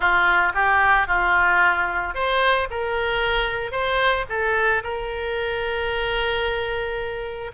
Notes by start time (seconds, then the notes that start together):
0.00 F4
0.54 G4
1.07 F4
2.14 C5
2.70 A#4
3.71 C5
4.29 A4
4.83 A#4